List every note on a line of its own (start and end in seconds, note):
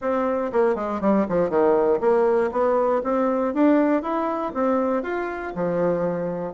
0.01 0.51 C4
0.52 0.75 A#3
0.75 1.00 G#3
1.01 1.26 G3
1.28 1.49 F3
1.49 2.00 D#3
2.00 2.50 A#3
2.51 3.02 B3
3.03 3.54 C4
3.54 4.02 D4
4.02 4.52 E4
4.54 5.02 C4
5.02 5.53 F4
5.55 6.53 F3